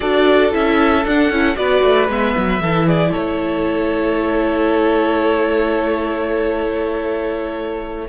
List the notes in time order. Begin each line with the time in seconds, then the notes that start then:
0.00 D4 F#4 A4 D5
0.51 C#4 E4 E5
1.05 D4 F#5
1.29 C#4 E4
1.55 B3 F#4 B4 D5
1.82 A3
2.08 G#3 B3 E5
2.36 F#3
2.60 E3 E4 A4
2.87 G#4 D5
3.11 A3 A4 C#5